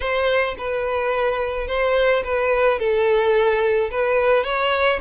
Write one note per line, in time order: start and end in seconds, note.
0.00 0.55 C5
0.57 1.67 B4
1.67 2.23 C5
2.24 2.79 B4
2.79 3.90 A4
3.90 4.44 B4
4.44 4.99 C#5